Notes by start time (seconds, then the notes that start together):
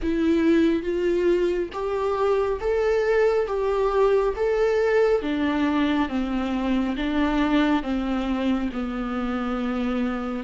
0.02 E4
0.83 F4
1.72 G4
2.60 A4
3.47 G4
4.36 A4
5.22 D4
6.08 C4
6.96 D4
7.83 C4
8.72 B3